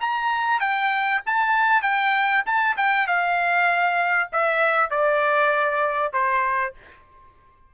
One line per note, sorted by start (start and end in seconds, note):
0.00 0.60 A#5
0.60 1.21 G5
1.26 1.82 A5
1.82 2.43 G5
2.46 2.76 A5
2.77 3.07 G5
3.07 4.30 F5
4.32 4.90 E5
4.90 6.13 D5
6.13 6.74 C5